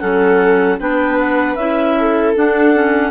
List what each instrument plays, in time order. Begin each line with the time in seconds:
0.00 bassoon F#3, clarinet C#4 F#5, viola A4
0.80 bassoon B3, clarinet D4 G5, viola B4
1.20 clarinet F#5
1.56 bassoon C#4, clarinet E4 E5
1.99 viola A4
2.36 clarinet D4 F#5, bassoon D4
2.75 clarinet C#4